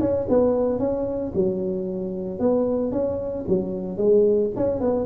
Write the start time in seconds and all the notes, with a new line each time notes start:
0.00 C#4
0.29 B3
0.79 C#4
1.35 F#3
2.39 B3
2.92 C#4
3.48 F#3
3.97 G#3
4.56 C#4
4.80 B3